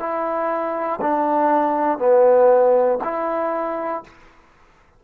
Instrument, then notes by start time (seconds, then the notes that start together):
trombone
0.00 E4
1.01 D4
1.99 B3
3.04 E4